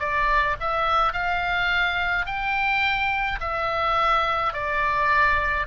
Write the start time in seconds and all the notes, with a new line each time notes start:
0.00 D5
0.60 E5
1.13 F5
2.26 G5
3.41 E5
4.54 D5